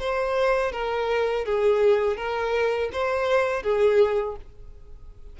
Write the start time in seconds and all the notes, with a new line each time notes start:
0.00 C5
0.72 A#4
1.45 G#4
2.17 A#4
2.92 C5
3.63 G#4